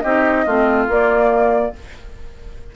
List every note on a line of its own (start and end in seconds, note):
0.00 0.46 C4
0.00 0.47 D#4
0.00 0.46 G4
0.00 0.85 D#5
0.46 0.88 A3
0.46 0.89 C4
0.46 1.72 F4
0.88 1.72 A#3
0.88 1.74 A#3
0.88 1.76 D5